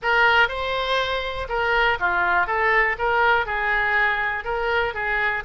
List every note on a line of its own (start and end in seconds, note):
0.02 0.48 A#4
0.48 1.47 C5
1.48 1.98 A#4
1.99 2.47 F4
2.47 2.96 A4
2.98 3.46 A#4
3.46 4.44 G#4
4.44 4.93 A#4
4.94 5.43 G#4